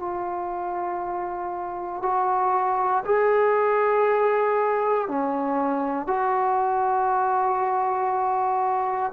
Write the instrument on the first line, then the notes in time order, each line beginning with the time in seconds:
trombone
0.00 F4
2.03 F#4
3.06 G#4
5.09 C#4
6.08 F#4